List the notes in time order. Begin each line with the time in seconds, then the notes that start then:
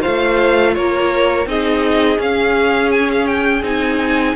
0.00 A3 F4 C5 F5
0.74 A#3 A#4 C#5
1.45 C4 D#4 G#4 D#5
2.17 C#4 F5
2.91 G#5
3.12 F5
3.26 G5
3.62 C4 D#4 G#5